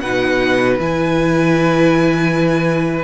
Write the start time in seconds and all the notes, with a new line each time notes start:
0.00 B2 D#4 B4 F#5
0.78 E3 E4 G#5